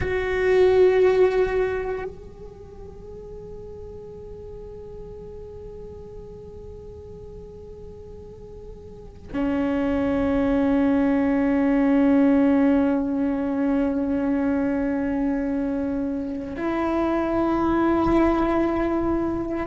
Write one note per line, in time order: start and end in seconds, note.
0.00 2.04 F#4
2.04 9.28 G#4
9.33 16.56 C#4
16.56 19.66 E4